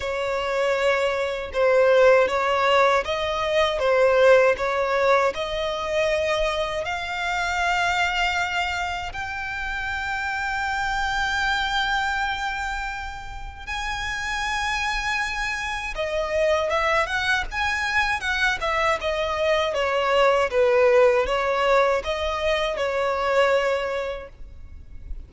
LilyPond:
\new Staff \with { instrumentName = "violin" } { \time 4/4 \tempo 4 = 79 cis''2 c''4 cis''4 | dis''4 c''4 cis''4 dis''4~ | dis''4 f''2. | g''1~ |
g''2 gis''2~ | gis''4 dis''4 e''8 fis''8 gis''4 | fis''8 e''8 dis''4 cis''4 b'4 | cis''4 dis''4 cis''2 | }